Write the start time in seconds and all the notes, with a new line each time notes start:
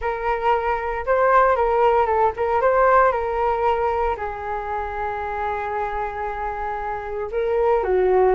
0.01 A#4
1.06 C5
1.56 A#4
2.06 A4
2.36 A#4
2.61 C5
3.11 A#4
4.16 G#4
7.31 A#4
7.83 F#4